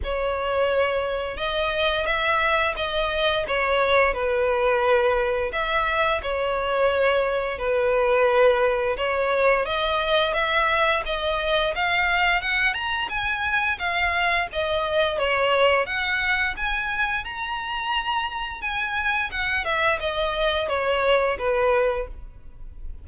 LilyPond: \new Staff \with { instrumentName = "violin" } { \time 4/4 \tempo 4 = 87 cis''2 dis''4 e''4 | dis''4 cis''4 b'2 | e''4 cis''2 b'4~ | b'4 cis''4 dis''4 e''4 |
dis''4 f''4 fis''8 ais''8 gis''4 | f''4 dis''4 cis''4 fis''4 | gis''4 ais''2 gis''4 | fis''8 e''8 dis''4 cis''4 b'4 | }